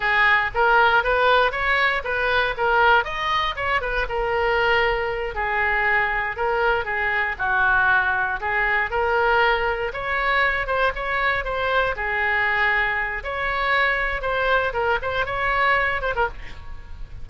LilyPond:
\new Staff \with { instrumentName = "oboe" } { \time 4/4 \tempo 4 = 118 gis'4 ais'4 b'4 cis''4 | b'4 ais'4 dis''4 cis''8 b'8 | ais'2~ ais'8 gis'4.~ | gis'8 ais'4 gis'4 fis'4.~ |
fis'8 gis'4 ais'2 cis''8~ | cis''4 c''8 cis''4 c''4 gis'8~ | gis'2 cis''2 | c''4 ais'8 c''8 cis''4. c''16 ais'16 | }